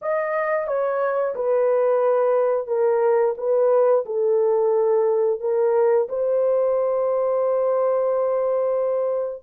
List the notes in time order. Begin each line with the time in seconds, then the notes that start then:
0.01 D#5
0.67 C#5
1.35 B4
2.67 A#4
3.37 B4
4.05 A4
5.40 A#4
6.09 C5